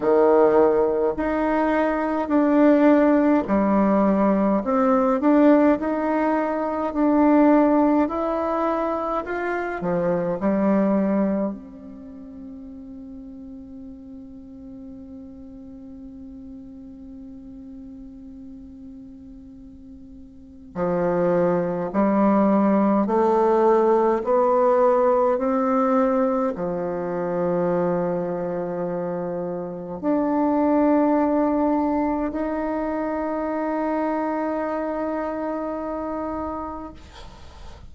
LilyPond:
\new Staff \with { instrumentName = "bassoon" } { \time 4/4 \tempo 4 = 52 dis4 dis'4 d'4 g4 | c'8 d'8 dis'4 d'4 e'4 | f'8 f8 g4 c'2~ | c'1~ |
c'2 f4 g4 | a4 b4 c'4 f4~ | f2 d'2 | dis'1 | }